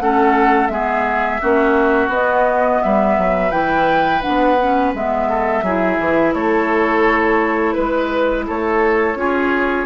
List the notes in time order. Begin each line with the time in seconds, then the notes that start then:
0.00 A3 C#4 A4 F#5
0.67 G#3 B3 G#4 E5
1.41 A#3 C#4 F#4
2.08 B3 D#5
2.83 G3 B4 E5
3.18 F#3
3.51 E3 E4 G5
4.22 B3 D4 F#5
4.62 C#4
4.94 G#3 B3 E5
5.29 A4
5.63 F#3 E4 G#4
5.99 E3
6.34 A3 A4 C#5
7.73 G#3 B4
8.47 A3 A4 C#5
9.15 C#4 F4 G#4